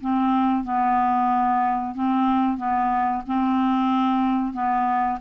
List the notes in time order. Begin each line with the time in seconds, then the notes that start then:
0.00 C4
0.64 B3
1.94 C4
2.57 B3
3.26 C4
4.53 B3